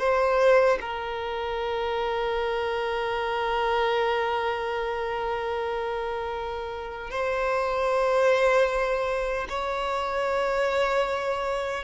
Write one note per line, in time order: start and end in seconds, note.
0.00 0.79 C5
0.81 7.11 A#4
7.11 9.48 C5
9.50 11.84 C#5